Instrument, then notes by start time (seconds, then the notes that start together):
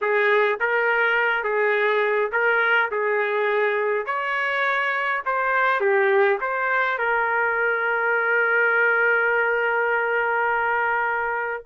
trumpet
0.01 G#4
0.60 A#4
1.43 G#4
2.31 A#4
2.91 G#4
4.05 C#5
5.25 C5
5.80 G4
6.41 C5
6.98 A#4